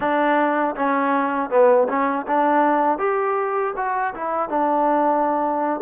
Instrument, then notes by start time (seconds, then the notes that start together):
trombone
0.00 D4
0.75 C#4
1.50 B3
1.88 C#4
2.27 D4
2.98 G4
3.76 F#4
4.14 E4
4.49 D4